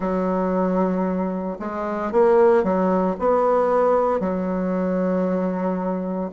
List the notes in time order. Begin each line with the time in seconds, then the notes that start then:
0.00 F#3
1.59 G#3
2.11 A#3
2.63 F#3
3.19 B3
4.20 F#3